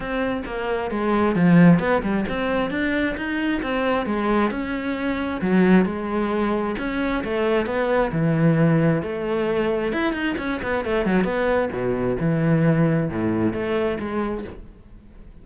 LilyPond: \new Staff \with { instrumentName = "cello" } { \time 4/4 \tempo 4 = 133 c'4 ais4 gis4 f4 | b8 g8 c'4 d'4 dis'4 | c'4 gis4 cis'2 | fis4 gis2 cis'4 |
a4 b4 e2 | a2 e'8 dis'8 cis'8 b8 | a8 fis8 b4 b,4 e4~ | e4 a,4 a4 gis4 | }